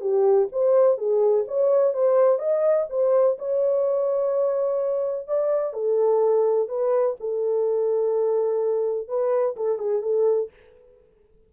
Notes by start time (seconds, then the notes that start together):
0.00 G4
0.52 C5
0.97 G#4
1.47 C#5
1.93 C5
2.39 D#5
2.89 C5
3.38 C#5
5.27 D5
5.73 A4
6.68 B4
7.19 A4
9.08 B4
9.56 A4
9.78 G#4
10.02 A4